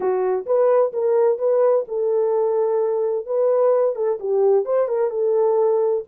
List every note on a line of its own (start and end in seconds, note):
0.00 0.45 F#4
0.45 0.92 B4
0.92 1.38 A#4
1.38 1.85 B4
1.87 3.26 A4
3.26 3.95 B4
3.95 4.18 A4
4.19 4.65 G4
4.65 4.88 C5
4.88 5.10 A#4
5.10 6.03 A4